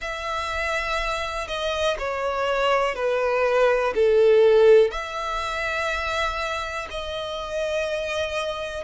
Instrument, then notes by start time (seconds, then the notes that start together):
violin
0.00 E5
1.47 D#5
1.99 C#5
2.95 B4
3.94 A4
4.91 E5
6.90 D#5